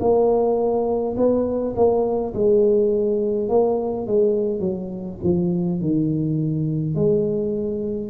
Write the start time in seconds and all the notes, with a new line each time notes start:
0.00 A#3
1.17 B3
1.76 A#3
2.34 G#3
3.49 A#3
4.06 G#3
4.60 F#3
5.23 F3
5.81 D#3
6.95 G#3